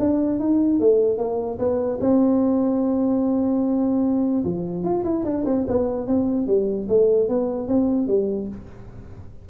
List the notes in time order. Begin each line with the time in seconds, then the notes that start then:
0.00 D4
0.40 D#4
0.80 A3
1.18 A#3
1.59 B3
2.01 C4
4.45 F3
4.84 F4
5.05 E4
5.25 D4
5.46 C4
5.68 B3
6.07 C4
6.47 G3
6.89 A3
7.29 B3
7.68 C4
8.08 G3